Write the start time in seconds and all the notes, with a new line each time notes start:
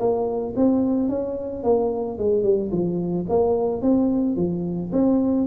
0.00 A#3
0.57 C4
1.10 C#4
1.64 A#3
2.19 G#3
2.44 G3
2.72 F3
3.30 A#3
3.82 C4
4.37 F3
4.93 C4